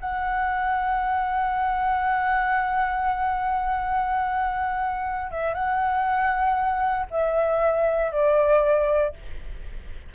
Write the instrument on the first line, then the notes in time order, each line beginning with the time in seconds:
flute
0.00 F#5
5.31 E5
5.54 F#5
7.10 E5
8.12 D5